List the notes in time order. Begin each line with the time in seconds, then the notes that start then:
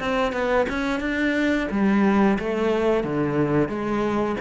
0.00 C4
0.33 B3
0.70 C#4
1.01 D4
1.71 G3
2.40 A3
3.04 D3
3.69 G#3